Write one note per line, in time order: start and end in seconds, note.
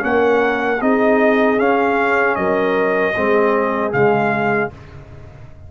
0.00 0.81 A#3
0.00 0.78 C#4
0.00 0.82 A#4
0.00 0.81 F#5
0.81 1.59 C4
0.81 1.58 D#4
0.81 2.38 G#4
0.81 1.59 D#5
1.58 3.14 C#4
1.58 2.37 C#4
1.58 2.35 F5
2.35 3.15 F#3
2.35 3.15 A#4
2.35 3.91 D#5
3.15 3.93 G#3
3.15 3.93 C4
3.15 4.71 G#4
3.93 4.71 C#3
3.93 4.71 G#3
3.93 4.71 F5